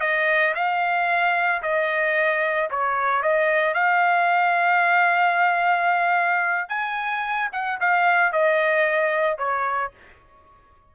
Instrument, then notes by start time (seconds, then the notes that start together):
trumpet
0.00 D#5
0.55 F5
1.62 D#5
2.70 C#5
3.22 D#5
3.74 F5
6.68 G#5
7.52 F#5
7.80 F5
8.32 D#5
9.37 C#5